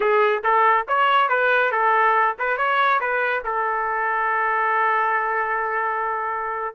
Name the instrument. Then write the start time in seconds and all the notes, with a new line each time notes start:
trumpet
0.00 G#4
0.43 A4
0.87 C#5
1.29 B4
1.71 A4
2.38 B4
2.57 C#5
3.00 B4
3.44 A4